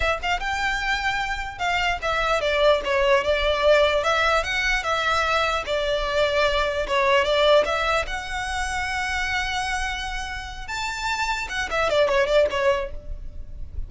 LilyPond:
\new Staff \with { instrumentName = "violin" } { \time 4/4 \tempo 4 = 149 e''8 f''8 g''2. | f''4 e''4 d''4 cis''4 | d''2 e''4 fis''4 | e''2 d''2~ |
d''4 cis''4 d''4 e''4 | fis''1~ | fis''2~ fis''8 a''4.~ | a''8 fis''8 e''8 d''8 cis''8 d''8 cis''4 | }